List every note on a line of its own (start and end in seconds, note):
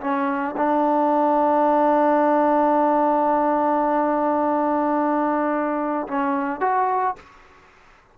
0.00 0.55 C#4
0.57 6.07 D4
6.07 6.60 C#4
6.60 7.15 F#4